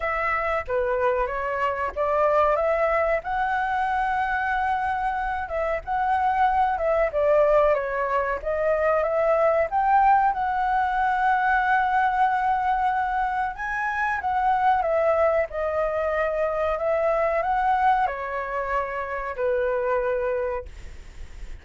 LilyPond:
\new Staff \with { instrumentName = "flute" } { \time 4/4 \tempo 4 = 93 e''4 b'4 cis''4 d''4 | e''4 fis''2.~ | fis''8 e''8 fis''4. e''8 d''4 | cis''4 dis''4 e''4 g''4 |
fis''1~ | fis''4 gis''4 fis''4 e''4 | dis''2 e''4 fis''4 | cis''2 b'2 | }